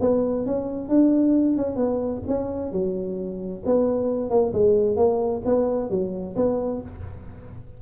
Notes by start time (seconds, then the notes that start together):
0.00 B3
0.46 C#4
0.89 D4
1.57 C#4
1.76 B3
2.27 C#4
2.72 F#3
3.65 B3
4.30 A#3
4.53 G#3
4.96 A#3
5.45 B3
5.90 F#3
6.36 B3